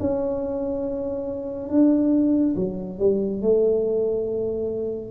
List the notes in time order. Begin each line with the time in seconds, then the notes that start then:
0.00 C#4
1.69 D4
2.56 F#3
2.98 G3
3.42 A3